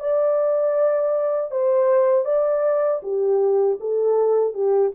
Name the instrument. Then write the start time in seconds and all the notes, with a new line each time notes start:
horn
0.00 D5
1.51 C5
2.25 D5
3.03 G4
3.80 A4
4.54 G4